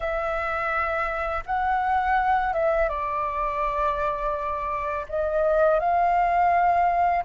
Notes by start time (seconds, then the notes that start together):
0.00 E5
1.46 F#5
2.53 E5
2.88 D5
5.09 D#5
5.79 F5